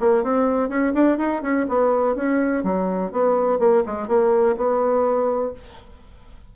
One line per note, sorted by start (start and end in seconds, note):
0.00 0.24 A#3
0.24 0.69 C4
0.69 0.93 C#4
0.94 1.18 D4
1.18 1.42 D#4
1.43 1.67 C#4
1.69 2.16 B3
2.16 2.64 C#4
2.64 3.12 F#3
3.12 3.59 B3
3.59 3.84 A#3
3.86 4.08 G#3
4.08 4.56 A#3
4.57 5.53 B3